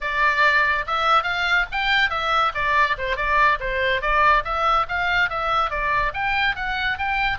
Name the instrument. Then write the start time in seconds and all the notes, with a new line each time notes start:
oboe
0.00 D5
0.86 E5
1.23 F5
1.71 G5
2.10 E5
2.54 D5
2.98 C5
3.16 D5
3.59 C5
4.01 D5
4.44 E5
4.88 F5
5.29 E5
5.70 D5
6.13 G5
6.55 F#5
6.97 G5